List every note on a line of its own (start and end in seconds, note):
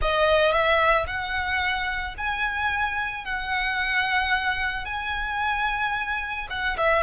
0.01 0.52 D#5
0.52 1.06 E5
1.06 2.14 F#5
2.17 3.24 G#5
3.24 4.85 F#5
4.85 6.47 G#5
6.49 6.76 F#5
6.77 7.02 E5